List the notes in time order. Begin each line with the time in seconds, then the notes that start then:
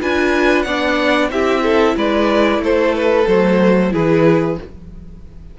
0.00 D4 F4 B4 G#5
0.62 B3 D4 D5 F#5
1.30 C4 E4 G4 E5
1.62 A4
1.96 G#3 B4 D5
2.58 A3 A4 C5
2.95 B4
3.27 F#3 A3 C5
3.90 E3 E4 G#4 B4